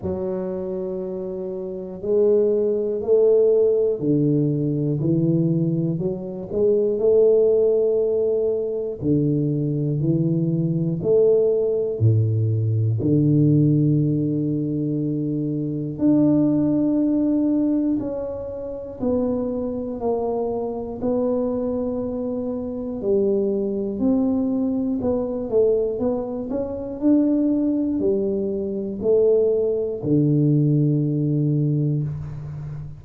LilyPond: \new Staff \with { instrumentName = "tuba" } { \time 4/4 \tempo 4 = 60 fis2 gis4 a4 | d4 e4 fis8 gis8 a4~ | a4 d4 e4 a4 | a,4 d2. |
d'2 cis'4 b4 | ais4 b2 g4 | c'4 b8 a8 b8 cis'8 d'4 | g4 a4 d2 | }